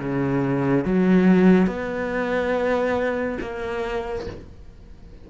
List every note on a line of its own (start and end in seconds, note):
0.00 0.85 C#3
0.85 1.67 F#3
1.67 3.39 B3
3.41 4.27 A#3